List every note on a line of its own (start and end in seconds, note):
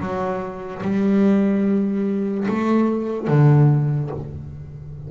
0.00 0.82 F#3
0.83 2.47 G3
2.48 3.28 A3
3.28 4.10 D3